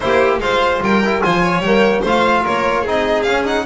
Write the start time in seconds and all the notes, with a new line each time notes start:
0.00 A#3 E4 G4 C5
0.38 G#3 F4 C5 F5
0.80 G3 A#4 G5
1.04 E4
1.21 F3 F4 C5 G#5
1.41 C#5
1.59 G3 G5
1.65 A#3
2.00 A3 F4 C5
2.06 F5
2.43 A#3 A#4 C#5
2.82 C4 D#4 G#4
2.88 D#5
3.22 C#4 F5
3.45 D#4 F#5